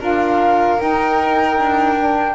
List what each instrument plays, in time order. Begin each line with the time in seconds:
0.00 double bass D4, saxophone F4, violin A#4, flute F5
0.79 saxophone D#4, double bass D#4, flute G5
1.59 double bass D4
1.99 saxophone D4